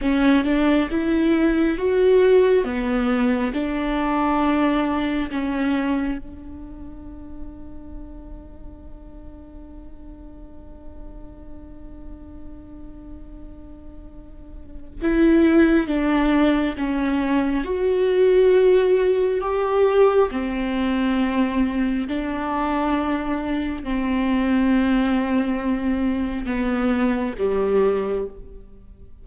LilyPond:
\new Staff \with { instrumentName = "viola" } { \time 4/4 \tempo 4 = 68 cis'8 d'8 e'4 fis'4 b4 | d'2 cis'4 d'4~ | d'1~ | d'1~ |
d'4 e'4 d'4 cis'4 | fis'2 g'4 c'4~ | c'4 d'2 c'4~ | c'2 b4 g4 | }